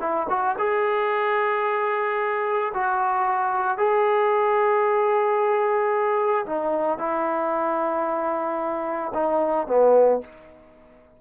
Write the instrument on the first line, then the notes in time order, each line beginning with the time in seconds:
trombone
0.00 E4
0.29 F#4
0.58 G#4
2.74 F#4
3.78 G#4
6.46 D#4
6.98 E4
9.14 D#4
9.67 B3